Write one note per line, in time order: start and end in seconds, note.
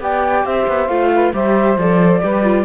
0.00 0.44 B3
0.00 0.88 G4
0.00 0.45 D5
0.00 0.45 G5
0.44 0.67 C4
0.44 1.11 C5
0.44 0.88 E5
0.67 0.88 B3
0.88 1.32 A3
0.88 1.33 F4
0.88 1.32 F5
1.14 1.34 B4
1.33 1.76 G3
1.33 1.77 G4
1.33 2.22 C5
1.33 1.78 E5
1.76 2.20 F3
1.76 2.21 A4
1.76 2.65 D5
2.21 2.65 G3
2.21 2.43 G4
2.21 2.65 B4
2.43 2.65 F4